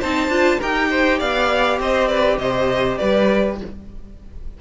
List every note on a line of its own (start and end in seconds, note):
0.00 0.28 C4
0.00 0.31 D#4
0.00 0.59 C5
0.00 0.60 A5
0.28 0.58 D4
0.28 0.60 F4
0.59 1.21 D#4
0.59 3.58 G4
0.59 0.89 A#4
0.59 1.20 G5
0.90 1.19 C5
1.19 1.79 B3
1.19 1.78 D5
1.19 1.79 F5
1.79 2.38 C4
1.79 2.09 C5
1.79 2.08 D#5
2.08 2.39 B4
2.08 2.38 D5
2.38 2.98 C3
2.38 2.99 C5
2.38 2.97 D#5
2.97 3.61 G3
2.97 3.58 B4
2.97 3.57 D5